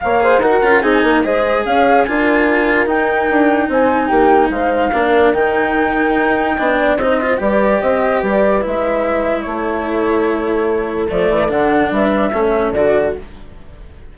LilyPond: <<
  \new Staff \with { instrumentName = "flute" } { \time 4/4 \tempo 4 = 146 f''4 fis''4 gis''4 dis''4 | f''4 gis''2 g''4~ | g''4 gis''4 g''4 f''4~ | f''4 g''2.~ |
g''4 dis''4 d''4 dis''4 | d''4 e''2 cis''4~ | cis''2. d''4 | fis''4 e''2 d''4 | }
  \new Staff \with { instrumentName = "horn" } { \time 4/4 cis''8 c''8 ais'4 gis'8 ais'8 c''4 | cis''4 ais'2.~ | ais'4 c''4 g'4 c''4 | ais'1 |
dis''8 d''8 c''4 b'4 c''4 | b'2. a'4~ | a'1~ | a'4 b'4 a'2 | }
  \new Staff \with { instrumentName = "cello" } { \time 4/4 ais'8 gis'8 fis'8 f'8 dis'4 gis'4~ | gis'4 f'2 dis'4~ | dis'1 | d'4 dis'2. |
d'4 dis'8 f'8 g'2~ | g'4 e'2.~ | e'2. a4 | d'2 cis'4 fis'4 | }
  \new Staff \with { instrumentName = "bassoon" } { \time 4/4 ais4 dis'8 cis'8 c'8 ais8 gis4 | cis'4 d'2 dis'4 | d'4 c'4 ais4 gis4 | ais4 dis2 dis'4 |
b4 c'4 g4 c'4 | g4 gis2 a4~ | a2. f8 e8 | d4 g4 a4 d4 | }
>>